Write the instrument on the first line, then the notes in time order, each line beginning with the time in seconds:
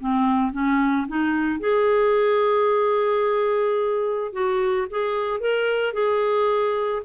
clarinet
0.00 C4
0.53 C#4
1.08 D#4
1.60 G#4
4.33 F#4
4.90 G#4
5.40 A#4
5.94 G#4